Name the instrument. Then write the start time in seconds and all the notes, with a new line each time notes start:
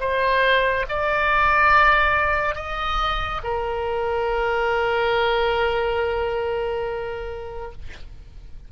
oboe
0.00 C5
0.89 D5
2.56 D#5
3.44 A#4